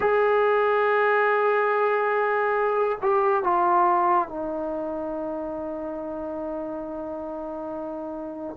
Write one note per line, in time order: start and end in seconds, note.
0.00 2.98 G#4
3.02 3.43 G4
3.43 4.28 F4
4.28 8.56 D#4